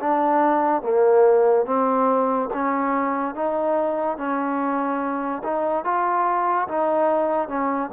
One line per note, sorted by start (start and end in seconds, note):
0.00 0.83 D4
0.83 1.66 A#3
1.66 2.49 C4
2.54 3.35 C#4
3.35 4.17 D#4
4.17 5.42 C#4
5.44 5.84 D#4
5.84 6.68 F4
6.68 7.48 D#4
7.48 7.90 C#4